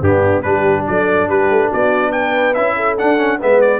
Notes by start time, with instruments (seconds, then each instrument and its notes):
0.00 tuba G2, trombone B3, horn D4, trumpet G4
0.42 tuba G3, trombone D4, horn G4, trumpet B4
0.87 tuba F#3, horn A4, trumpet D5
1.28 tuba G3, horn G4, trumpet B4
1.49 tuba A3
1.68 tuba B3, horn F#4, trumpet D5
2.12 horn B4, trumpet G5
2.54 tuba C#4, trombone E4, trumpet E5
2.75 horn A4
2.98 trombone D4, tuba D4, trumpet F#5
3.17 trombone C#4
3.38 tuba G#3, trombone B3, horn B4, trumpet E5
3.61 trumpet D5